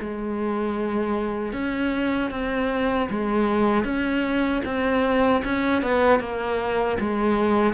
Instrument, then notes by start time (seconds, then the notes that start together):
cello
0.00 G#3
1.53 C#4
2.31 C4
3.10 G#3
3.85 C#4
4.65 C4
5.45 C#4
5.83 B3
6.20 A#3
7.00 G#3